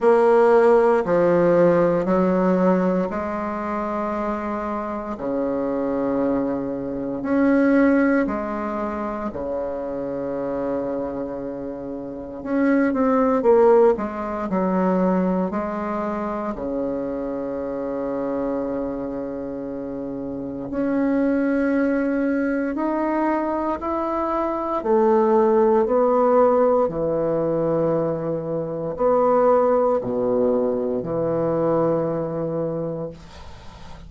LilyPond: \new Staff \with { instrumentName = "bassoon" } { \time 4/4 \tempo 4 = 58 ais4 f4 fis4 gis4~ | gis4 cis2 cis'4 | gis4 cis2. | cis'8 c'8 ais8 gis8 fis4 gis4 |
cis1 | cis'2 dis'4 e'4 | a4 b4 e2 | b4 b,4 e2 | }